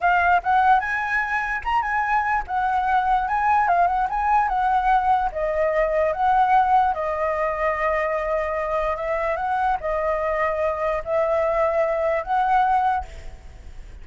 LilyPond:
\new Staff \with { instrumentName = "flute" } { \time 4/4 \tempo 4 = 147 f''4 fis''4 gis''2 | ais''8 gis''4. fis''2 | gis''4 f''8 fis''8 gis''4 fis''4~ | fis''4 dis''2 fis''4~ |
fis''4 dis''2.~ | dis''2 e''4 fis''4 | dis''2. e''4~ | e''2 fis''2 | }